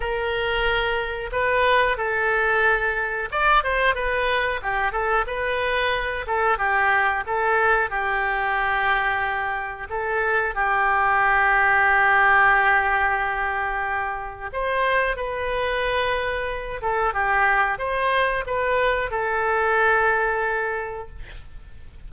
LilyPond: \new Staff \with { instrumentName = "oboe" } { \time 4/4 \tempo 4 = 91 ais'2 b'4 a'4~ | a'4 d''8 c''8 b'4 g'8 a'8 | b'4. a'8 g'4 a'4 | g'2. a'4 |
g'1~ | g'2 c''4 b'4~ | b'4. a'8 g'4 c''4 | b'4 a'2. | }